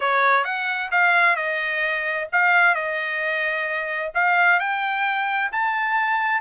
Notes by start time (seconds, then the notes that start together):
0.00 C#5
0.44 F#5
0.91 F5
1.36 D#5
2.32 F5
2.74 D#5
4.14 F5
4.59 G5
5.51 A5